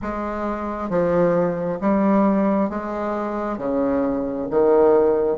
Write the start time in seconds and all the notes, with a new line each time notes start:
0.02 G#3
0.89 F3
1.80 G3
2.69 G#3
3.57 C#3
4.50 D#3